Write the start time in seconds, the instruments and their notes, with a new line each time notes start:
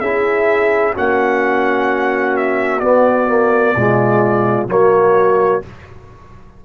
0.00 tuba C#4, trombone E4, horn G#4, trumpet E5
0.93 tuba A#3, trombone C#4, horn F#4, trumpet F#5
2.37 trumpet E5
2.79 tuba B3, trombone B3, trumpet D5
3.28 trombone A#3
3.76 tuba B2, trombone G#3, horn F4
4.67 tuba F#3, trombone A#3, horn F#4, trumpet C#5